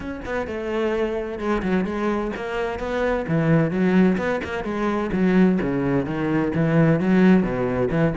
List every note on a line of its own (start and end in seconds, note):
0.00 0.21 C#4
0.25 0.47 B3
0.47 1.38 A3
1.38 1.62 G#3
1.62 1.84 F#3
1.84 2.31 G#3
2.36 2.79 A#3
2.79 3.25 B3
3.28 3.70 E3
3.70 4.17 F#3
4.17 4.40 B3
4.44 4.64 A#3
4.64 5.10 G#3
5.12 5.58 F#3
5.61 6.05 C#3
6.05 6.52 D#3
6.55 7.00 E3
7.00 7.42 F#3
7.42 7.89 B2
7.90 8.13 E3